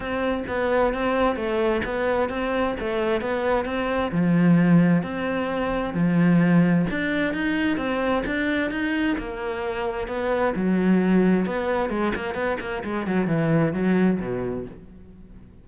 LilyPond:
\new Staff \with { instrumentName = "cello" } { \time 4/4 \tempo 4 = 131 c'4 b4 c'4 a4 | b4 c'4 a4 b4 | c'4 f2 c'4~ | c'4 f2 d'4 |
dis'4 c'4 d'4 dis'4 | ais2 b4 fis4~ | fis4 b4 gis8 ais8 b8 ais8 | gis8 fis8 e4 fis4 b,4 | }